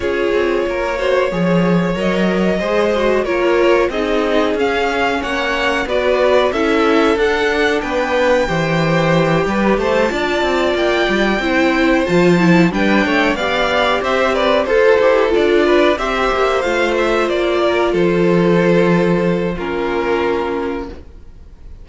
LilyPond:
<<
  \new Staff \with { instrumentName = "violin" } { \time 4/4 \tempo 4 = 92 cis''2. dis''4~ | dis''4 cis''4 dis''4 f''4 | fis''4 d''4 e''4 fis''4 | g''2. a''4~ |
a''8 g''2 a''4 g''8~ | g''8 f''4 e''8 d''8 c''4 d''8~ | d''8 e''4 f''8 e''8 d''4 c''8~ | c''2 ais'2 | }
  \new Staff \with { instrumentName = "violin" } { \time 4/4 gis'4 ais'8 c''8 cis''2 | c''4 ais'4 gis'2 | cis''4 b'4 a'2 | b'4 c''4. b'8 c''8 d''8~ |
d''4. c''2 b'8 | cis''8 d''4 c''8 b'8 a'4. | b'8 c''2~ c''8 ais'8 a'8~ | a'2 f'2 | }
  \new Staff \with { instrumentName = "viola" } { \time 4/4 f'4. fis'8 gis'4 ais'4 | gis'8 fis'8 f'4 dis'4 cis'4~ | cis'4 fis'4 e'4 d'4~ | d'4 g'2~ g'8 f'8~ |
f'4. e'4 f'8 e'8 d'8~ | d'8 g'2 a'8 g'8 f'8~ | f'8 g'4 f'2~ f'8~ | f'2 cis'2 | }
  \new Staff \with { instrumentName = "cello" } { \time 4/4 cis'8 c'8 ais4 f4 fis4 | gis4 ais4 c'4 cis'4 | ais4 b4 cis'4 d'4 | b4 e4. g8 a8 d'8 |
c'8 ais8 g8 c'4 f4 g8 | a8 b4 c'4 f'8 e'8 d'8~ | d'8 c'8 ais8 a4 ais4 f8~ | f2 ais2 | }
>>